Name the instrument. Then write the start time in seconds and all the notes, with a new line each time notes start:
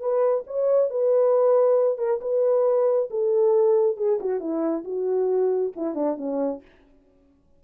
horn
0.00 B4
0.47 C#5
0.90 B4
1.98 A#4
2.21 B4
3.10 A4
3.97 G#4
4.20 F#4
4.40 E4
4.84 F#4
5.76 E4
5.95 D4
6.17 C#4